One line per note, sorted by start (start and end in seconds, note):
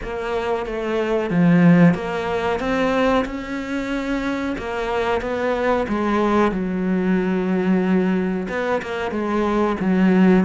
0.03 0.66 A#3
0.66 1.30 A3
1.30 1.94 F3
1.94 2.59 A#3
2.59 3.25 C4
3.25 4.55 C#4
4.58 5.21 A#3
5.21 5.86 B3
5.88 6.51 G#3
6.51 8.47 F#3
8.48 8.81 B3
8.82 9.11 A#3
9.11 9.76 G#3
9.79 10.44 F#3